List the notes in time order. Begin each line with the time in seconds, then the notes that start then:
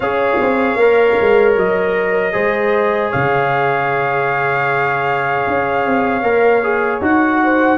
0.00 C#4 G#4 C#5 F5
0.41 C4
0.75 A#3 A#4
1.21 G#3
1.56 F#3 D#5
2.32 G#3 G#4 C5
3.10 C#3 C#5 F5
5.46 C#4
5.85 C4
6.22 A#3 A#4
6.63 G#4
7.01 D#4 F#4 F#5
7.43 C5